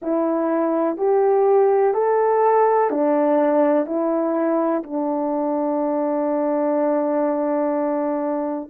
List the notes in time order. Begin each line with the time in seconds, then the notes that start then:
0.01 E4
0.97 G4
1.94 A4
2.90 D4
3.86 E4
4.83 D4